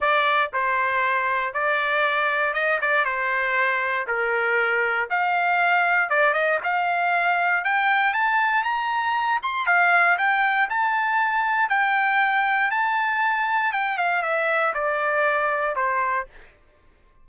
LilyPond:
\new Staff \with { instrumentName = "trumpet" } { \time 4/4 \tempo 4 = 118 d''4 c''2 d''4~ | d''4 dis''8 d''8 c''2 | ais'2 f''2 | d''8 dis''8 f''2 g''4 |
a''4 ais''4. c'''8 f''4 | g''4 a''2 g''4~ | g''4 a''2 g''8 f''8 | e''4 d''2 c''4 | }